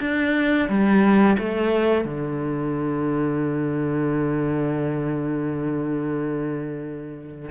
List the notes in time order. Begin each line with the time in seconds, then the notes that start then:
0.00 D4
0.68 G3
1.38 A3
2.04 D3